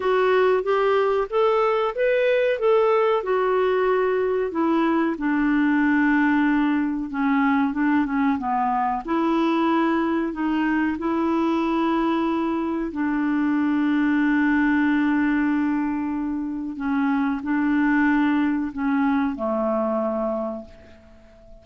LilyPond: \new Staff \with { instrumentName = "clarinet" } { \time 4/4 \tempo 4 = 93 fis'4 g'4 a'4 b'4 | a'4 fis'2 e'4 | d'2. cis'4 | d'8 cis'8 b4 e'2 |
dis'4 e'2. | d'1~ | d'2 cis'4 d'4~ | d'4 cis'4 a2 | }